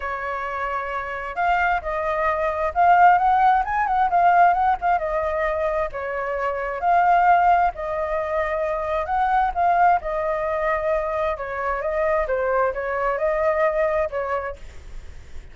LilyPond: \new Staff \with { instrumentName = "flute" } { \time 4/4 \tempo 4 = 132 cis''2. f''4 | dis''2 f''4 fis''4 | gis''8 fis''8 f''4 fis''8 f''8 dis''4~ | dis''4 cis''2 f''4~ |
f''4 dis''2. | fis''4 f''4 dis''2~ | dis''4 cis''4 dis''4 c''4 | cis''4 dis''2 cis''4 | }